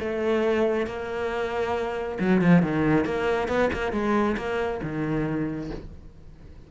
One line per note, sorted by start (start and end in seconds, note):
0.00 0.87 A3
0.87 2.19 A#3
2.20 2.42 F#3
2.42 2.63 F3
2.63 3.05 D#3
3.05 3.49 A#3
3.49 3.70 B3
3.73 3.93 A#3
3.93 4.37 G#3
4.37 4.81 A#3
4.83 5.71 D#3